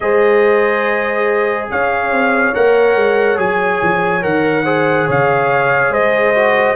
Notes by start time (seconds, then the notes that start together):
0.00 G#3 G#4 C5 D#5
1.70 C#4 C#5 F5
2.10 C4
2.54 A#3 A#4 F#5
2.94 G#3
3.36 F#3 G#4 G#5
3.82 F3
4.21 D#3 A#4 F#5
4.64 G#4 C5
5.07 C#3 C#5 F5
5.89 G#3 C5 D#5
6.34 F#4